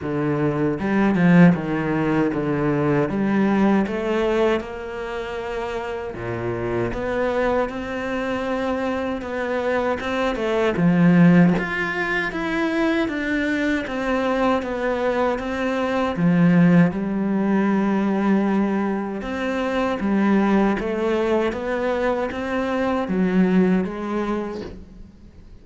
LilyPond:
\new Staff \with { instrumentName = "cello" } { \time 4/4 \tempo 4 = 78 d4 g8 f8 dis4 d4 | g4 a4 ais2 | ais,4 b4 c'2 | b4 c'8 a8 f4 f'4 |
e'4 d'4 c'4 b4 | c'4 f4 g2~ | g4 c'4 g4 a4 | b4 c'4 fis4 gis4 | }